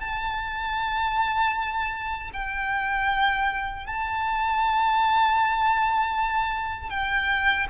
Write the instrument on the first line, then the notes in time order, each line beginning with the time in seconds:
violin
0.00 A5
2.33 G5
3.86 A5
6.90 G5